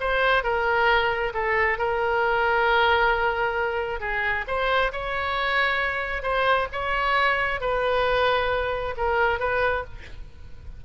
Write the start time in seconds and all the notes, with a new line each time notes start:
0.00 C5
0.43 A#4
1.33 A4
1.78 A#4
4.00 G#4
4.47 C5
4.92 C#5
6.22 C5
6.72 C#5
7.60 B4
8.97 A#4
9.39 B4